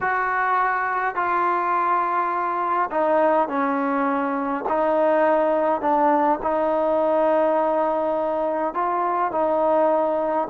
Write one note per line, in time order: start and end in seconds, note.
0.00 1.15 F#4
1.15 2.90 F4
2.90 3.48 D#4
3.48 4.64 C#4
4.69 5.81 D#4
5.81 6.39 D4
6.42 8.74 D#4
8.74 9.31 F4
9.31 10.47 D#4